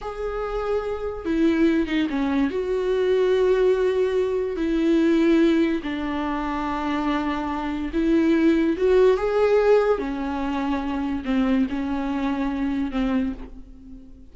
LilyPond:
\new Staff \with { instrumentName = "viola" } { \time 4/4 \tempo 4 = 144 gis'2. e'4~ | e'8 dis'8 cis'4 fis'2~ | fis'2. e'4~ | e'2 d'2~ |
d'2. e'4~ | e'4 fis'4 gis'2 | cis'2. c'4 | cis'2. c'4 | }